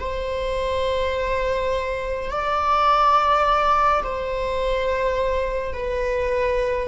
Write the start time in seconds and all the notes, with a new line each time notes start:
0.00 C5
2.30 D5
4.04 C5
5.74 B4